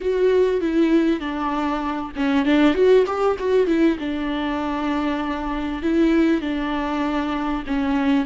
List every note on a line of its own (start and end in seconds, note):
0.01 0.60 F#4
0.60 1.20 E4
1.20 2.12 D4
2.16 2.45 C#4
2.45 2.74 D4
2.74 3.04 F#4
3.06 3.36 G4
3.38 3.67 F#4
3.67 3.97 E4
3.99 5.82 D4
5.82 6.41 E4
6.41 7.63 D4
7.66 8.25 C#4